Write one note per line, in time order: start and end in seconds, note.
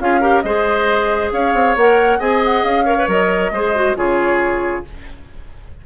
0.00 0.44 C#4
0.00 0.21 F4
0.00 0.21 G#4
0.00 0.42 F5
0.21 0.43 G4
0.21 0.43 A#4
0.42 1.32 G#3
0.42 1.77 G#4
0.42 1.33 C5
0.42 1.30 D#5
1.32 1.54 C#4
1.32 2.19 C#5
1.32 1.77 F5
1.54 1.76 C4
1.76 2.19 A#3
1.76 2.20 A#4
1.76 2.20 F#5
2.19 2.64 C4
2.19 2.86 G#4
2.19 2.85 D#5
2.19 2.42 G#5
2.45 2.64 F#5
2.64 3.07 C#4
2.64 3.08 F5
2.85 2.97 A#4
2.85 3.51 C#5
2.98 3.08 B4
3.07 3.51 F#3
3.07 3.53 A#4
3.07 3.97 D#5
3.51 3.95 G#3
3.51 3.75 G#4
3.51 3.98 C5
3.75 3.96 F#4
3.96 4.85 C#3
3.96 4.84 F4
3.96 4.86 G#4
3.96 4.85 C#5